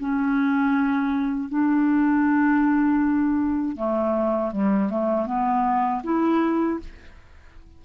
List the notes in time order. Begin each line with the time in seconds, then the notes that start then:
0.00 C#4
1.49 D4
3.77 A3
4.52 G3
4.90 A3
5.26 B3
6.04 E4